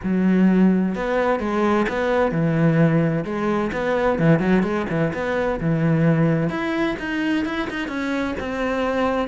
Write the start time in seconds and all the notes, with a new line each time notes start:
0.03 F#3
0.95 B3
1.39 G#3
1.88 B3
2.31 E3
3.24 G#3
3.72 B3
4.19 E3
4.39 F#3
4.62 G#3
4.89 E3
5.13 B3
5.60 E3
6.49 E4
6.99 D#4
7.45 E4
7.70 D#4
7.88 C#4
8.39 C4